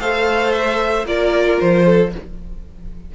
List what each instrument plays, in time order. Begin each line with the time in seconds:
0.00 cello A3, viola A4, violin C5 F5
0.53 violin E5
1.05 cello A#3, viola F4, violin A#4 D5
1.60 cello F3, violin C5
1.86 violin A4